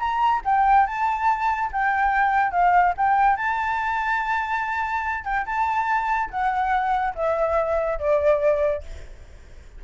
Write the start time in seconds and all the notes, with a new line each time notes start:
0.00 A#5
0.45 G5
0.87 A5
1.73 G5
2.52 F5
2.97 G5
3.37 A5
5.25 G5
5.46 A5
6.31 F#5
7.15 E5
7.99 D5